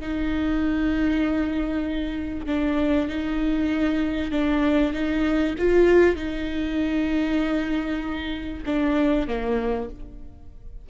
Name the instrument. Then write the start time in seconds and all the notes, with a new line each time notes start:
viola
0.00 D#4
2.47 D4
3.08 D#4
4.31 D4
4.93 D#4
5.58 F4
6.16 D#4
8.66 D4
9.28 A#3